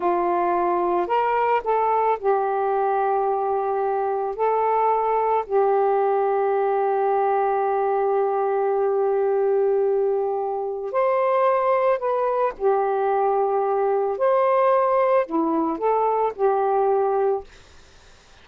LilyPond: \new Staff \with { instrumentName = "saxophone" } { \time 4/4 \tempo 4 = 110 f'2 ais'4 a'4 | g'1 | a'2 g'2~ | g'1~ |
g'1 | c''2 b'4 g'4~ | g'2 c''2 | e'4 a'4 g'2 | }